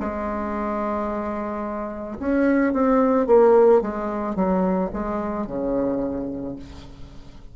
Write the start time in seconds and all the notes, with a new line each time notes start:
0.00 G#3
2.19 C#4
2.73 C4
3.27 A#3
3.82 G#3
4.36 F#3
4.93 G#3
5.47 C#3